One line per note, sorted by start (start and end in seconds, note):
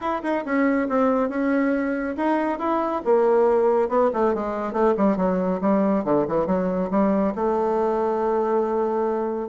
0.00 0.22 E4
0.23 0.44 D#4
0.45 0.88 C#4
0.88 1.29 C4
1.29 2.15 C#4
2.16 2.58 D#4
2.58 3.02 E4
3.04 3.88 A#3
3.88 4.10 B3
4.13 4.34 A3
4.34 4.72 G#3
4.72 4.94 A3
4.97 5.16 G3
5.16 5.60 F#3
5.61 6.04 G3
6.04 6.26 D3
6.27 6.46 E3
6.46 6.89 F#3
6.90 7.33 G3
7.35 9.48 A3